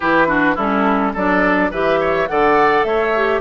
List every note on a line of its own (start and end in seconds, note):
0.00 0.57 E3
0.00 0.27 E4
0.00 0.27 G4
0.00 0.55 B4
0.27 0.55 D4
0.27 0.55 F#4
0.55 1.14 G3
0.55 1.15 C#4
0.55 1.12 E4
0.55 1.15 A4
1.13 1.70 F#3
1.13 1.72 D4
1.13 1.70 A4
1.13 1.72 D5
1.70 2.27 E3
1.70 2.28 G4
1.70 1.99 B4
1.70 2.27 E5
2.00 2.28 C#5
2.27 2.83 D3
2.27 3.14 A4
2.27 2.87 D5
2.27 2.83 F#5
2.83 3.41 A3
2.83 3.41 C#5
2.83 3.40 E5
3.15 3.41 G4